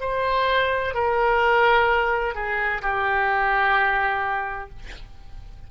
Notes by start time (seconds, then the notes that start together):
0.00 C5
0.94 A#4
2.34 G#4
2.82 G4